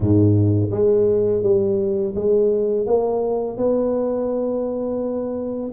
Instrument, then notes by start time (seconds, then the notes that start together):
tuba
0.00 G#2
0.71 G#3
1.43 G3
2.15 G#3
2.86 A#3
3.57 B3